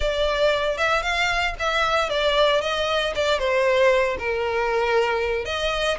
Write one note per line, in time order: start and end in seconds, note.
0.00 0.77 D5
0.77 1.02 E5
1.02 1.54 F5
1.59 2.09 E5
2.09 2.61 D5
2.61 3.13 D#5
3.15 3.39 D5
3.39 4.17 C5
4.19 5.45 A#4
5.45 5.97 D#5